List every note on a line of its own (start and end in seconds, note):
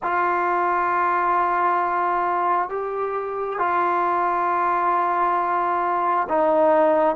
0.02 2.69 F4
2.69 3.58 G4
3.58 6.27 F4
6.28 7.15 D#4